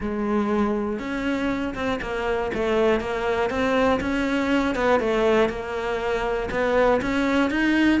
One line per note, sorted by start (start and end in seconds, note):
0.00 0.99 G#3
0.99 1.74 C#4
1.75 2.00 C4
2.01 2.51 A#3
2.54 3.00 A3
3.00 3.50 A#3
3.50 4.00 C4
4.00 4.75 C#4
4.75 5.00 B3
5.00 5.49 A3
5.49 6.49 A#3
6.50 7.00 B3
7.01 7.50 C#4
7.50 8.00 D#4